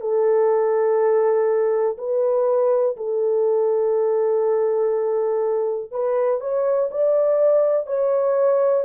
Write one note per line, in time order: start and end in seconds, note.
0.00 1.97 A4
1.98 2.96 B4
2.96 5.91 A4
5.91 6.40 B4
6.40 6.89 C#5
6.91 7.86 D5
7.86 8.84 C#5